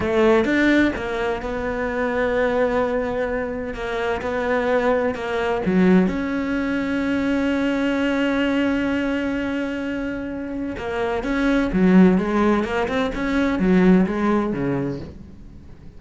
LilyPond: \new Staff \with { instrumentName = "cello" } { \time 4/4 \tempo 4 = 128 a4 d'4 ais4 b4~ | b1 | ais4 b2 ais4 | fis4 cis'2.~ |
cis'1~ | cis'2. ais4 | cis'4 fis4 gis4 ais8 c'8 | cis'4 fis4 gis4 cis4 | }